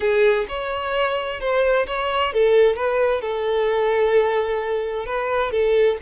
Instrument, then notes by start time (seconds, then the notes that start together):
violin
0.00 G#4
0.48 C#5
1.40 C5
1.87 C#5
2.33 A4
2.75 B4
3.21 A4
5.06 B4
5.51 A4